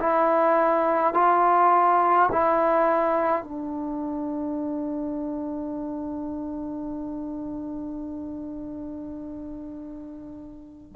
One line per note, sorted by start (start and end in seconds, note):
0.00 1.14 E4
1.14 2.29 F4
2.32 3.43 E4
3.43 10.93 D4